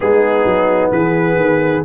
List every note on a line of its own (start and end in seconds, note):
0.00 0.44 G#3
0.00 1.85 B3
0.00 0.93 D#4
0.00 0.90 G#4
0.44 0.90 F#3
0.92 1.36 E3
0.92 1.85 G#4
0.92 1.84 B4
1.36 1.82 D#3